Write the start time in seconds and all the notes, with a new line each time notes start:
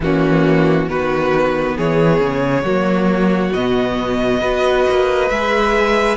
0.00 E3 A#3 C#4 F#4
0.87 D#3 B3 F#4 B4
1.76 E3 G#4 C#5
2.20 C#3
2.63 F#3 A#3 F#4
3.53 B2 B3 D#5
4.40 B3 F#4 B4
4.89 A#3
5.29 G#3 G#4 E5